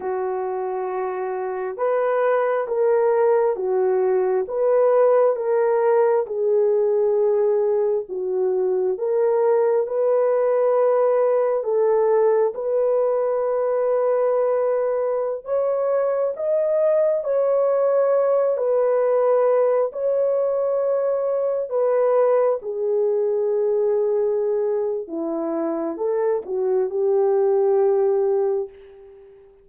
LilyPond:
\new Staff \with { instrumentName = "horn" } { \time 4/4 \tempo 4 = 67 fis'2 b'4 ais'4 | fis'4 b'4 ais'4 gis'4~ | gis'4 fis'4 ais'4 b'4~ | b'4 a'4 b'2~ |
b'4~ b'16 cis''4 dis''4 cis''8.~ | cis''8. b'4. cis''4.~ cis''16~ | cis''16 b'4 gis'2~ gis'8. | e'4 a'8 fis'8 g'2 | }